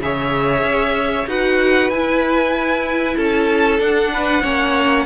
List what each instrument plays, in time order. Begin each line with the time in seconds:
0.00 cello C#3, viola G#4, violin C#5 E5
0.63 cello C#4
1.27 cello D#4, viola F#4, violin B4 F#5
1.90 cello E4, viola E4, violin G#5
3.17 cello C#4, violin A4 A5
3.80 viola D4, cello D4, violin F#5
4.14 violin B4
4.42 cello A#3, viola C#4, violin C#5